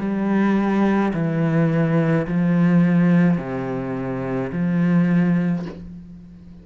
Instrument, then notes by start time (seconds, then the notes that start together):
cello
0.00 G3
1.14 E3
2.27 F3
3.38 C3
4.53 F3